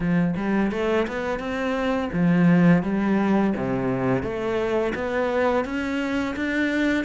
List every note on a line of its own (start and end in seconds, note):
0.00 0.34 F3
0.36 0.71 G3
0.71 1.06 A3
1.07 1.39 B3
1.39 2.10 C4
2.12 2.82 F3
2.82 3.53 G3
3.56 4.22 C3
4.22 4.93 A3
4.94 5.64 B3
5.64 6.35 C#4
6.36 7.04 D4